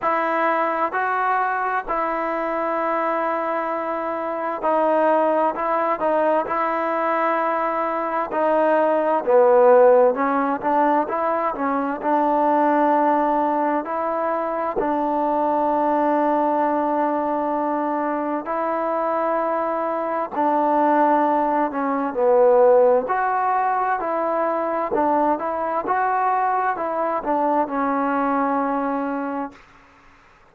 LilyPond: \new Staff \with { instrumentName = "trombone" } { \time 4/4 \tempo 4 = 65 e'4 fis'4 e'2~ | e'4 dis'4 e'8 dis'8 e'4~ | e'4 dis'4 b4 cis'8 d'8 | e'8 cis'8 d'2 e'4 |
d'1 | e'2 d'4. cis'8 | b4 fis'4 e'4 d'8 e'8 | fis'4 e'8 d'8 cis'2 | }